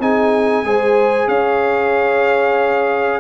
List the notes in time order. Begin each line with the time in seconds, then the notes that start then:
0.00 C4 D#4 G#4 G#5
0.64 G#3 G#4 C5
1.28 C#4 C#5 F5